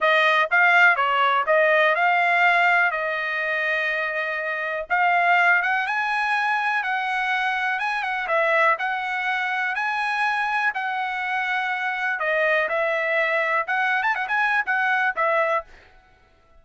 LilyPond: \new Staff \with { instrumentName = "trumpet" } { \time 4/4 \tempo 4 = 123 dis''4 f''4 cis''4 dis''4 | f''2 dis''2~ | dis''2 f''4. fis''8 | gis''2 fis''2 |
gis''8 fis''8 e''4 fis''2 | gis''2 fis''2~ | fis''4 dis''4 e''2 | fis''8. a''16 fis''16 gis''8. fis''4 e''4 | }